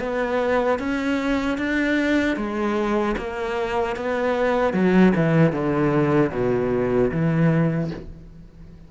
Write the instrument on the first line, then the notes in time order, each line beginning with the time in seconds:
cello
0.00 B3
0.79 C#4
1.58 D4
2.36 G#3
3.18 A#3
3.96 B3
4.73 F#3
5.16 E3
5.52 D3
6.32 B2
7.12 E3